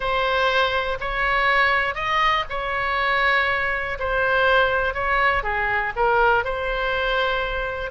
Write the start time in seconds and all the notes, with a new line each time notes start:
0.00 C5
1.00 C#5
1.95 D#5
2.49 C#5
3.99 C5
4.94 C#5
5.43 G#4
5.95 A#4
6.44 C5